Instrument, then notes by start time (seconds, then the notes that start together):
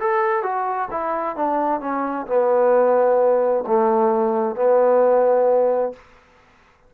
trombone
0.00 A4
0.43 F#4
0.91 E4
1.36 D4
1.81 C#4
2.27 B3
3.67 A3
4.56 B3